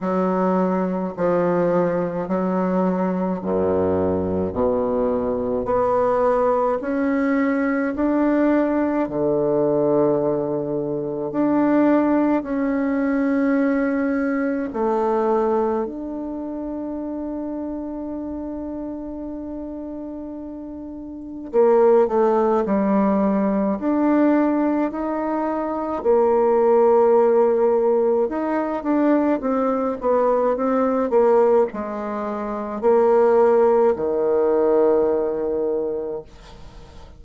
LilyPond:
\new Staff \with { instrumentName = "bassoon" } { \time 4/4 \tempo 4 = 53 fis4 f4 fis4 fis,4 | b,4 b4 cis'4 d'4 | d2 d'4 cis'4~ | cis'4 a4 d'2~ |
d'2. ais8 a8 | g4 d'4 dis'4 ais4~ | ais4 dis'8 d'8 c'8 b8 c'8 ais8 | gis4 ais4 dis2 | }